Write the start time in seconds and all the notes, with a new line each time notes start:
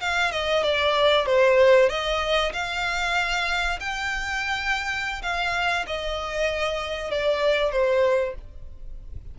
0.00 F5
0.31 D#5
0.63 D5
1.26 C5
1.89 D#5
2.53 F5
3.80 G5
5.22 F5
5.87 D#5
7.11 D5
7.71 C5